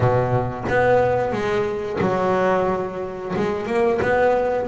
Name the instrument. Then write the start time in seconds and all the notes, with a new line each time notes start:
double bass
0.00 B2
0.68 B3
1.32 G#3
2.01 F#3
3.35 G#3
3.66 A#3
4.02 B3